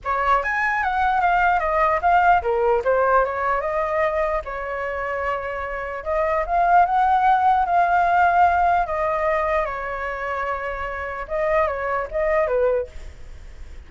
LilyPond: \new Staff \with { instrumentName = "flute" } { \time 4/4 \tempo 4 = 149 cis''4 gis''4 fis''4 f''4 | dis''4 f''4 ais'4 c''4 | cis''4 dis''2 cis''4~ | cis''2. dis''4 |
f''4 fis''2 f''4~ | f''2 dis''2 | cis''1 | dis''4 cis''4 dis''4 b'4 | }